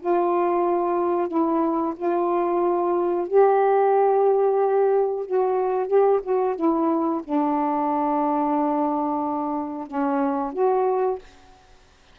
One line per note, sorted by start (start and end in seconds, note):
0.00 1.29 F4
1.29 1.95 E4
1.97 3.28 F4
3.28 5.26 G4
5.26 5.88 F#4
5.88 6.21 G4
6.23 6.56 F#4
6.56 7.22 E4
7.24 9.88 D4
9.88 10.53 C#4
10.53 11.19 F#4